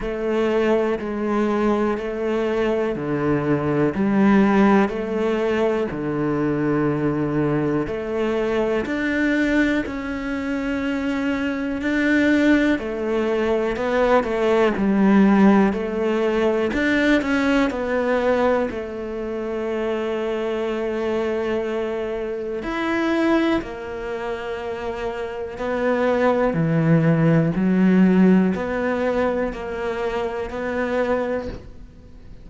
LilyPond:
\new Staff \with { instrumentName = "cello" } { \time 4/4 \tempo 4 = 61 a4 gis4 a4 d4 | g4 a4 d2 | a4 d'4 cis'2 | d'4 a4 b8 a8 g4 |
a4 d'8 cis'8 b4 a4~ | a2. e'4 | ais2 b4 e4 | fis4 b4 ais4 b4 | }